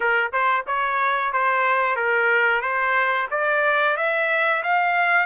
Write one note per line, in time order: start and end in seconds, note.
0.00 0.32 A#4
0.32 0.65 C5
0.66 1.32 C#5
1.32 1.96 C5
1.96 2.61 A#4
2.61 3.27 C5
3.31 3.97 D5
3.97 4.62 E5
4.63 5.26 F5